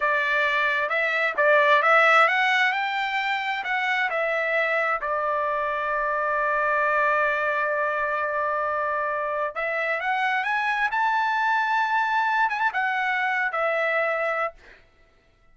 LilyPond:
\new Staff \with { instrumentName = "trumpet" } { \time 4/4 \tempo 4 = 132 d''2 e''4 d''4 | e''4 fis''4 g''2 | fis''4 e''2 d''4~ | d''1~ |
d''1~ | d''4 e''4 fis''4 gis''4 | a''2.~ a''8 gis''16 a''16 | fis''4.~ fis''16 e''2~ e''16 | }